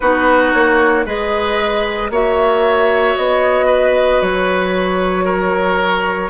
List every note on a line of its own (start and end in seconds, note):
0.00 0.53 B3
0.00 1.05 D#4
0.00 1.05 F#4
0.00 0.52 B4
0.53 1.06 A#3
0.53 1.05 C#5
1.05 2.10 G#3
1.05 2.10 G#4
1.05 2.10 B4
1.05 2.11 D#5
2.10 3.15 A#3
2.10 6.29 F#4
2.10 3.66 C#5
2.10 3.17 E5
3.17 4.21 B3
3.17 4.21 D#5
3.66 5.24 B4
4.21 6.29 F#3
4.21 6.29 C#5
5.24 6.29 A#4